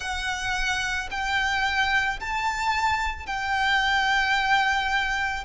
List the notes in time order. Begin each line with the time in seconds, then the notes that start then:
0.00 F#5
1.10 G5
2.20 A5
3.26 G5